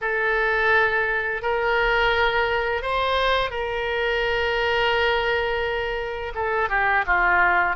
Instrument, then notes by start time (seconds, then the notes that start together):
oboe
0.01 A4
1.41 A#4
2.82 C5
3.50 A#4
6.34 A4
6.69 G4
7.06 F4